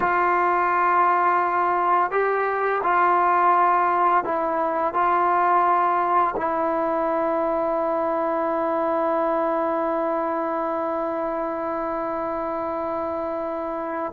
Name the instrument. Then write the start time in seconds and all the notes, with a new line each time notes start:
trombone
0.00 F4
2.11 G4
2.83 F4
4.24 E4
4.93 F4
6.36 E4